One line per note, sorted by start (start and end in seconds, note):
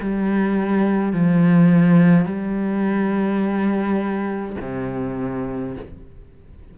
0.00 1.12 G3
1.12 2.25 F3
2.25 4.56 G3
4.60 5.76 C3